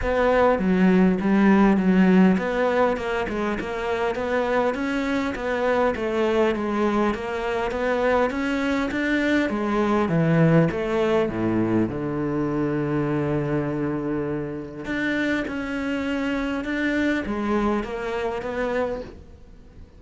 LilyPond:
\new Staff \with { instrumentName = "cello" } { \time 4/4 \tempo 4 = 101 b4 fis4 g4 fis4 | b4 ais8 gis8 ais4 b4 | cis'4 b4 a4 gis4 | ais4 b4 cis'4 d'4 |
gis4 e4 a4 a,4 | d1~ | d4 d'4 cis'2 | d'4 gis4 ais4 b4 | }